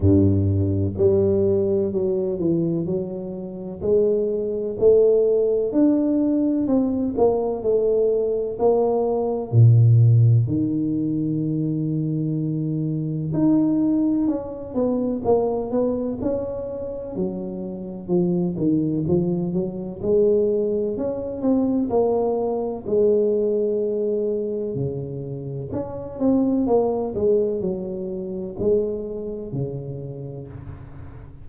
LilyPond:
\new Staff \with { instrumentName = "tuba" } { \time 4/4 \tempo 4 = 63 g,4 g4 fis8 e8 fis4 | gis4 a4 d'4 c'8 ais8 | a4 ais4 ais,4 dis4~ | dis2 dis'4 cis'8 b8 |
ais8 b8 cis'4 fis4 f8 dis8 | f8 fis8 gis4 cis'8 c'8 ais4 | gis2 cis4 cis'8 c'8 | ais8 gis8 fis4 gis4 cis4 | }